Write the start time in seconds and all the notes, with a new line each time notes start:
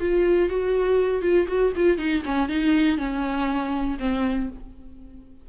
0.00 F4
0.49 F#4
1.22 F4
1.48 F#4
1.76 F4
1.98 D#4
2.25 C#4
2.49 D#4
2.98 C#4
3.99 C4